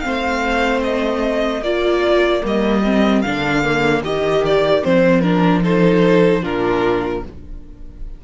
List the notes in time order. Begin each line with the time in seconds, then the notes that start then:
0.00 A3 C4 C5 F5
0.83 D#5
1.62 A#3 F4 A#4 D5
2.42 G3 A#3 D#5
2.85 C4
3.22 D3 D4 F5
3.64 A#3
4.03 D#3 G4 D#5
4.46 D5
4.84 F3 C4 C5
5.21 D4 A#4
5.63 D#4 A4 C5
6.42 A#2 D4 F4 A#4